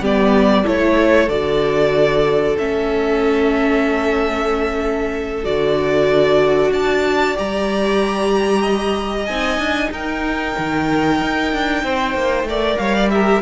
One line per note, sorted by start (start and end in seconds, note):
0.00 0.64 G3
0.00 0.64 B3
0.00 0.63 G4
0.00 0.67 D5
0.63 1.28 A3
0.63 1.28 E4
0.63 6.70 A4
0.63 1.29 C#5
1.28 2.56 D3
1.28 2.58 F#4
1.28 2.57 D5
2.58 5.45 A3
2.58 5.44 C#4
2.58 5.45 E5
5.44 6.71 D3
5.44 7.35 F#4
5.44 6.72 D5
6.71 7.35 D4
6.71 8.62 D5
6.71 7.37 A5
7.35 9.29 G3
7.35 9.26 G4
7.35 9.26 A#5
8.62 9.89 D#5
9.26 9.58 C4
9.26 12.48 D#4
9.26 9.90 G#5
9.58 9.90 D4
9.90 10.54 D#4
9.90 11.84 A#4
9.90 12.77 G5
10.58 11.21 D#3
11.21 11.53 D#4
11.53 11.84 D4
11.84 12.14 C4
11.84 12.48 C5
12.14 12.43 A#3
12.43 12.75 A3
12.43 13.11 A#4
12.43 12.80 D5
12.77 13.42 G3
12.77 12.95 C#5
12.77 13.09 F5
12.95 13.11 D5
13.10 13.42 G4
13.10 13.42 A#4
13.10 13.42 E5